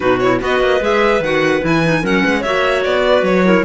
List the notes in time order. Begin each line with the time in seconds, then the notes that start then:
0.00 B2 D#4 F#4 B4
0.19 E4 C#5
0.40 B3 F#4 B4 D#5
0.60 A#3
0.80 G#3 G#4 E5
1.20 D#3 F#4 F#5
1.61 E3 E4 G#5
1.83 D#4
2.02 F#3 C#4 A#4 F#5
2.23 G#3 B4
2.40 A#3 F#4 C#5 E5
2.83 B3 D5
3.08 B4
3.22 F#3 C#5
3.44 E4 A#4